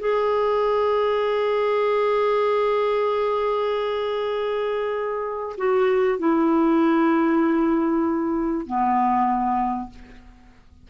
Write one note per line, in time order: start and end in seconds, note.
0.00 5.57 G#4
5.58 6.19 F#4
6.19 8.67 E4
8.67 9.91 B3